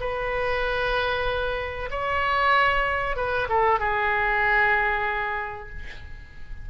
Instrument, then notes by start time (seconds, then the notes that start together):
oboe
0.00 B4
1.91 C#5
3.16 B4
3.49 A4
3.80 G#4